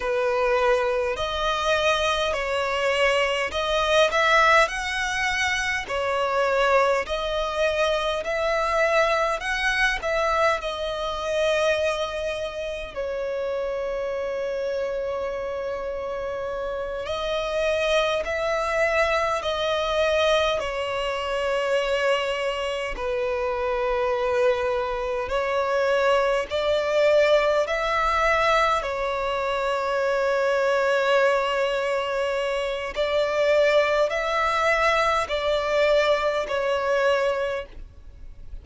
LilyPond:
\new Staff \with { instrumentName = "violin" } { \time 4/4 \tempo 4 = 51 b'4 dis''4 cis''4 dis''8 e''8 | fis''4 cis''4 dis''4 e''4 | fis''8 e''8 dis''2 cis''4~ | cis''2~ cis''8 dis''4 e''8~ |
e''8 dis''4 cis''2 b'8~ | b'4. cis''4 d''4 e''8~ | e''8 cis''2.~ cis''8 | d''4 e''4 d''4 cis''4 | }